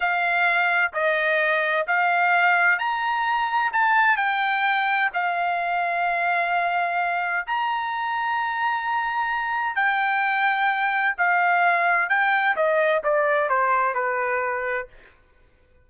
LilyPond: \new Staff \with { instrumentName = "trumpet" } { \time 4/4 \tempo 4 = 129 f''2 dis''2 | f''2 ais''2 | a''4 g''2 f''4~ | f''1 |
ais''1~ | ais''4 g''2. | f''2 g''4 dis''4 | d''4 c''4 b'2 | }